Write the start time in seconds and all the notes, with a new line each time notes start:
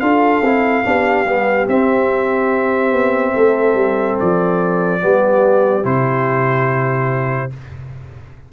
0.00 D4 F4 A4 F5
0.42 C4 E4
0.84 B3 D4 G4
1.25 G3 B3
1.68 C4 E5
2.93 B3
3.34 A3 A4
3.75 G3
4.20 F3 D5
5.01 G3 B3 G4
5.84 C3 E4 C5